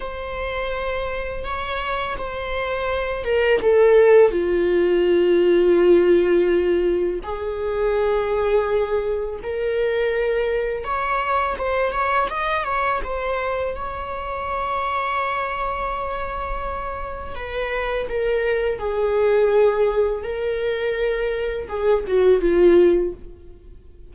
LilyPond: \new Staff \with { instrumentName = "viola" } { \time 4/4 \tempo 4 = 83 c''2 cis''4 c''4~ | c''8 ais'8 a'4 f'2~ | f'2 gis'2~ | gis'4 ais'2 cis''4 |
c''8 cis''8 dis''8 cis''8 c''4 cis''4~ | cis''1 | b'4 ais'4 gis'2 | ais'2 gis'8 fis'8 f'4 | }